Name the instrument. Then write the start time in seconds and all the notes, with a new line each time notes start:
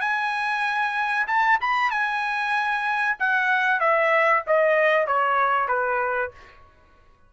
trumpet
0.00 G#5
1.27 A5
1.60 B5
1.90 G#5
3.19 F#5
3.80 E5
4.46 D#5
5.06 C#5
5.68 B4